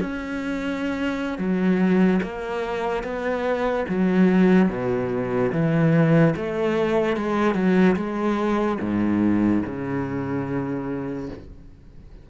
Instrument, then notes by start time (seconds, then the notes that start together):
cello
0.00 C#4
1.38 F#3
2.23 A#3
3.03 B3
3.89 F#3
4.69 B2
5.52 E3
6.36 A3
7.17 G#3
7.55 F#3
7.96 G#3
8.81 G#2
9.65 C#3